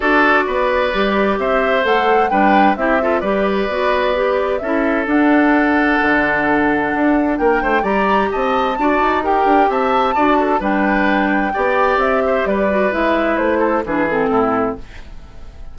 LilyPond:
<<
  \new Staff \with { instrumentName = "flute" } { \time 4/4 \tempo 4 = 130 d''2. e''4 | fis''4 g''4 e''4 d''4~ | d''2 e''4 fis''4~ | fis''1 |
g''4 ais''4 a''2 | g''4 a''2 g''4~ | g''2 e''4 d''4 | e''4 c''4 b'8 a'4. | }
  \new Staff \with { instrumentName = "oboe" } { \time 4/4 a'4 b'2 c''4~ | c''4 b'4 g'8 a'8 b'4~ | b'2 a'2~ | a'1 |
ais'8 c''8 d''4 dis''4 d''4 | ais'4 e''4 d''8 a'8 b'4~ | b'4 d''4. c''8 b'4~ | b'4. a'8 gis'4 e'4 | }
  \new Staff \with { instrumentName = "clarinet" } { \time 4/4 fis'2 g'2 | a'4 d'4 e'8 f'8 g'4 | fis'4 g'4 e'4 d'4~ | d'1~ |
d'4 g'2 fis'4 | g'2 fis'4 d'4~ | d'4 g'2~ g'8 fis'8 | e'2 d'8 c'4. | }
  \new Staff \with { instrumentName = "bassoon" } { \time 4/4 d'4 b4 g4 c'4 | a4 g4 c'4 g4 | b2 cis'4 d'4~ | d'4 d2 d'4 |
ais8 a8 g4 c'4 d'8 dis'8~ | dis'8 d'8 c'4 d'4 g4~ | g4 b4 c'4 g4 | gis4 a4 e4 a,4 | }
>>